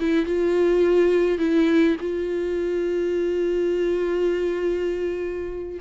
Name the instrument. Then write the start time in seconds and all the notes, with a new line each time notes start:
viola
0.00 E4
0.26 F4
1.39 E4
2.01 F4